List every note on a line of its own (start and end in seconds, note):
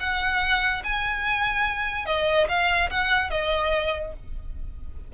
0.00 0.83 F#5
0.84 2.06 G#5
2.06 2.47 D#5
2.48 2.90 F5
2.90 3.30 F#5
3.30 4.13 D#5